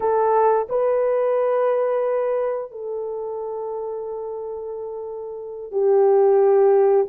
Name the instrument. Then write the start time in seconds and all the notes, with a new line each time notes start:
horn
0.00 A4
0.69 B4
2.71 A4
5.71 G4